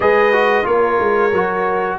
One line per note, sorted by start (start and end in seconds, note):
0.00 0.64 G#3
0.00 0.32 G#4
0.00 0.67 B4
0.00 0.65 D#5
0.32 0.63 F#4
0.63 0.99 A#3
0.63 1.30 F4
0.63 1.98 A#4
0.63 1.98 C#5
0.99 1.32 G#3
1.32 1.98 F#3
1.32 1.98 F#4